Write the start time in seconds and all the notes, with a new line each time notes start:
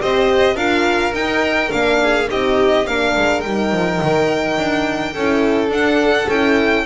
0.00 C4 G4 C5 D#5
0.55 D4 F4 A#4 F5
1.13 D#4 G5
1.69 A#3 D4 F5
2.03 G#4
2.30 C4 D#4 G4 D#5
2.87 A#3 D4 A#4 F5
3.16 G#3
3.41 G3 D#4 G5
3.72 F3
4.02 D#3
4.57 D4
5.14 C#4 E4 A4
5.69 D4 F#5
6.29 C#4 E4 G5